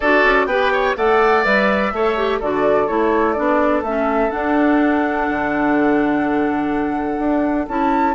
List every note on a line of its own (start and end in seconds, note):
0.00 0.24 D4
0.00 0.50 F#4
0.00 0.46 A4
0.00 0.46 D5
0.24 0.46 C#4
0.46 0.94 B3
0.46 0.96 G4
0.46 0.72 B4
0.46 0.94 G5
0.72 0.96 C#5
0.96 1.45 A3
0.96 1.44 A4
0.96 1.93 D5
0.96 1.44 F#5
1.44 1.92 G3
1.44 1.92 B4
1.44 2.40 E5
1.92 2.40 A3
1.92 2.17 A4
1.92 2.39 C#5
2.17 2.41 G4
2.39 2.89 D3
2.39 2.87 F#4
2.39 8.14 A4
2.39 2.87 D5
2.87 3.37 A3
2.87 3.35 E4
2.87 3.33 C#5
3.33 3.82 B3
3.33 3.83 D4
3.33 3.81 D5
3.82 4.30 A3
3.82 4.30 C#4
3.82 4.30 E5
4.30 7.66 D4
4.30 5.29 D4
4.30 7.67 F#5
5.29 7.19 D3
7.19 7.67 D4
7.67 8.14 C#4
7.67 8.14 E4
7.67 8.14 A5